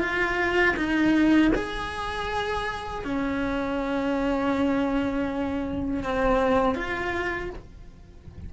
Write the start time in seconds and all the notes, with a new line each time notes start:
0.00 F4
0.76 D#4
1.55 G#4
3.04 C#4
6.03 C4
6.75 F4